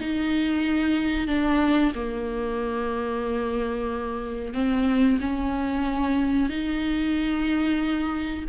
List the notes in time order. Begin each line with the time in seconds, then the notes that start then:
0.00 D#4
1.27 D4
1.95 A#3
4.53 C4
5.20 C#4
6.49 D#4